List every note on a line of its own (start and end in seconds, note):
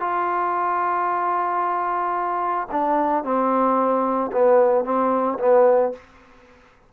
0.00 2.68 F4
2.72 3.24 D4
3.24 4.31 C4
4.32 4.85 B3
4.85 5.38 C4
5.39 5.93 B3